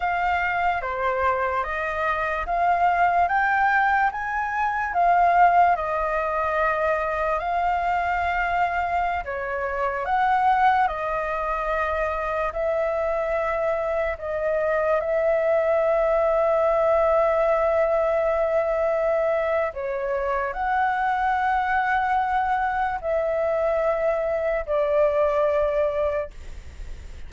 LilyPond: \new Staff \with { instrumentName = "flute" } { \time 4/4 \tempo 4 = 73 f''4 c''4 dis''4 f''4 | g''4 gis''4 f''4 dis''4~ | dis''4 f''2~ f''16 cis''8.~ | cis''16 fis''4 dis''2 e''8.~ |
e''4~ e''16 dis''4 e''4.~ e''16~ | e''1 | cis''4 fis''2. | e''2 d''2 | }